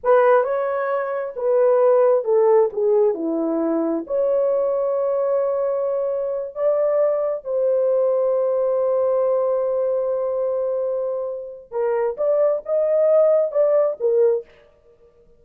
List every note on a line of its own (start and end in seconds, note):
0.03 0.43 B4
0.43 1.33 C#5
1.36 2.24 B4
2.24 2.69 A4
2.73 3.14 G#4
3.14 4.04 E4
4.07 6.55 C#5
6.55 7.44 D5
7.44 11.71 C5
11.71 12.16 A#4
12.17 12.62 D5
12.65 13.51 D#5
13.51 13.96 D5
14.00 14.45 A#4